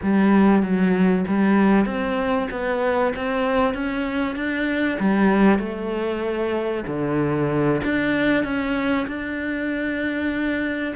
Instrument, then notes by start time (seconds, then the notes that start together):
cello
0.02 G3
0.62 F#3
1.27 G3
1.85 C4
2.51 B3
3.15 C4
3.74 C#4
4.35 D4
4.99 G3
5.59 A3
6.86 D3
7.84 D4
8.43 C#4
9.07 D4